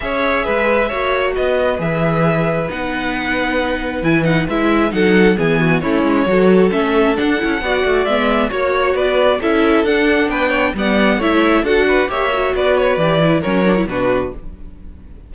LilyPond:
<<
  \new Staff \with { instrumentName = "violin" } { \time 4/4 \tempo 4 = 134 e''2. dis''4 | e''2 fis''2~ | fis''4 gis''8 fis''8 e''4 fis''4 | gis''4 cis''2 e''4 |
fis''2 e''4 cis''4 | d''4 e''4 fis''4 g''4 | fis''4 e''4 fis''4 e''4 | d''8 cis''8 d''4 cis''4 b'4 | }
  \new Staff \with { instrumentName = "violin" } { \time 4/4 cis''4 b'4 cis''4 b'4~ | b'1~ | b'2. a'4 | gis'8 fis'8 e'4 a'2~ |
a'4 d''2 cis''4 | b'4 a'2 b'8 cis''8 | d''4 cis''4 a'8 b'8 cis''4 | b'2 ais'4 fis'4 | }
  \new Staff \with { instrumentName = "viola" } { \time 4/4 gis'2 fis'2 | gis'2 dis'2~ | dis'4 e'8 dis'8 e'4 dis'4 | b4 cis'4 fis'4 cis'4 |
d'8 e'8 fis'4 b4 fis'4~ | fis'4 e'4 d'2 | b4 e'4 fis'4 g'8 fis'8~ | fis'4 g'8 e'8 cis'8 d'16 e'16 d'4 | }
  \new Staff \with { instrumentName = "cello" } { \time 4/4 cis'4 gis4 ais4 b4 | e2 b2~ | b4 e4 gis4 fis4 | e4 a8 gis8 fis4 a4 |
d'8 cis'8 b8 a8 gis4 ais4 | b4 cis'4 d'4 b4 | g4 a4 d'4 ais4 | b4 e4 fis4 b,4 | }
>>